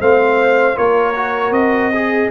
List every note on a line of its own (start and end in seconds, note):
0.00 0.77 A3
0.00 0.75 C4
0.00 0.77 C5
0.00 0.77 F5
0.75 1.51 A#3
0.75 1.13 F4
0.75 1.92 A#4
0.75 1.53 C#5
1.16 1.92 F#4
1.51 2.28 C4
1.51 2.30 D#5
1.92 2.30 G#4
1.92 2.31 G#4